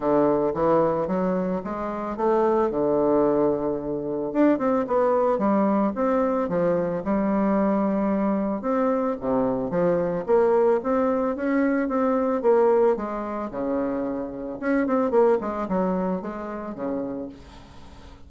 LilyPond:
\new Staff \with { instrumentName = "bassoon" } { \time 4/4 \tempo 4 = 111 d4 e4 fis4 gis4 | a4 d2. | d'8 c'8 b4 g4 c'4 | f4 g2. |
c'4 c4 f4 ais4 | c'4 cis'4 c'4 ais4 | gis4 cis2 cis'8 c'8 | ais8 gis8 fis4 gis4 cis4 | }